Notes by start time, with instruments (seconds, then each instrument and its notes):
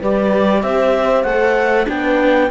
0.00 cello G3, viola G4, horn B4, clarinet D5
0.63 cello C4, horn C5, clarinet E5
1.24 cello A3, viola A4, clarinet F#5
1.87 cello B3, viola D4, horn B4, clarinet G5